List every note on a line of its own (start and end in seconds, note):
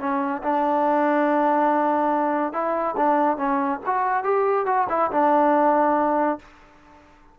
0.00 0.43 C#4
0.43 2.53 D4
2.53 2.96 E4
2.97 3.38 D4
3.38 3.80 C#4
3.86 4.24 F#4
4.24 4.66 G4
4.66 4.87 F#4
4.90 5.11 E4
5.11 6.39 D4